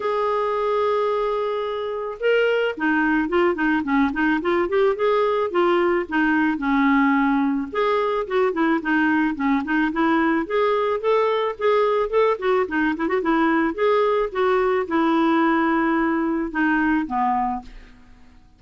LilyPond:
\new Staff \with { instrumentName = "clarinet" } { \time 4/4 \tempo 4 = 109 gis'1 | ais'4 dis'4 f'8 dis'8 cis'8 dis'8 | f'8 g'8 gis'4 f'4 dis'4 | cis'2 gis'4 fis'8 e'8 |
dis'4 cis'8 dis'8 e'4 gis'4 | a'4 gis'4 a'8 fis'8 dis'8 e'16 fis'16 | e'4 gis'4 fis'4 e'4~ | e'2 dis'4 b4 | }